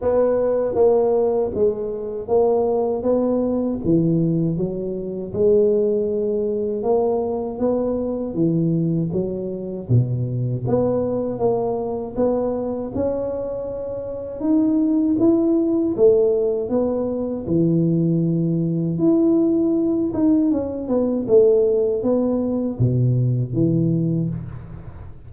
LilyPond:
\new Staff \with { instrumentName = "tuba" } { \time 4/4 \tempo 4 = 79 b4 ais4 gis4 ais4 | b4 e4 fis4 gis4~ | gis4 ais4 b4 e4 | fis4 b,4 b4 ais4 |
b4 cis'2 dis'4 | e'4 a4 b4 e4~ | e4 e'4. dis'8 cis'8 b8 | a4 b4 b,4 e4 | }